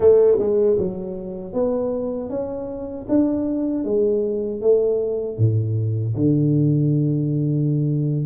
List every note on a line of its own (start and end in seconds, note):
0.00 0.37 A3
0.39 0.77 G#3
0.78 1.53 F#3
1.53 2.29 B3
2.29 3.06 C#4
3.08 3.84 D4
3.84 4.61 G#3
4.61 5.38 A3
5.38 6.15 A2
6.15 8.26 D3